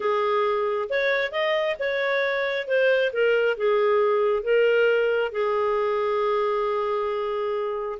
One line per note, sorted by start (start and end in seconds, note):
0.00 0.88 G#4
0.89 1.31 C#5
1.31 1.76 D#5
1.79 2.67 C#5
2.67 3.12 C5
3.12 3.57 A#4
3.57 4.43 G#4
4.43 5.32 A#4
5.32 7.98 G#4